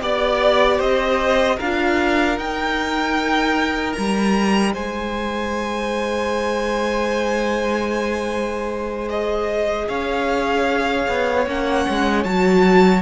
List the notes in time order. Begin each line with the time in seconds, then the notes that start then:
0.00 B3 G4 D5
0.77 C4 C5 D#5
1.56 D4 F4 A#4 F5
2.37 D#4 G5
3.93 G3 A#5
4.73 G#3 C5 G#5
9.09 G#4 D#5
9.88 C#4 C#5 F5
11.08 B3
11.46 A#3 C#4 F#5
11.89 G#3
12.24 F#3 F#4 A5